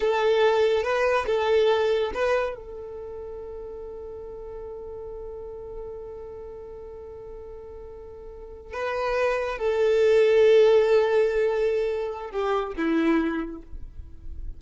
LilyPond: \new Staff \with { instrumentName = "violin" } { \time 4/4 \tempo 4 = 141 a'2 b'4 a'4~ | a'4 b'4 a'2~ | a'1~ | a'1~ |
a'1~ | a'8 b'2 a'4.~ | a'1~ | a'4 g'4 e'2 | }